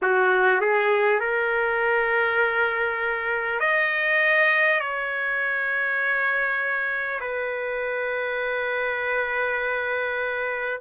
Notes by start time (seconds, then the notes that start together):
0.02 F#4
0.61 G#4
1.20 A#4
3.60 D#5
4.79 C#5
7.20 B4